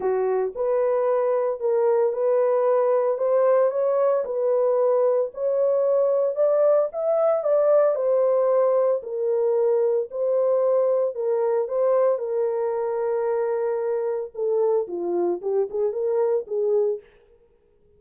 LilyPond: \new Staff \with { instrumentName = "horn" } { \time 4/4 \tempo 4 = 113 fis'4 b'2 ais'4 | b'2 c''4 cis''4 | b'2 cis''2 | d''4 e''4 d''4 c''4~ |
c''4 ais'2 c''4~ | c''4 ais'4 c''4 ais'4~ | ais'2. a'4 | f'4 g'8 gis'8 ais'4 gis'4 | }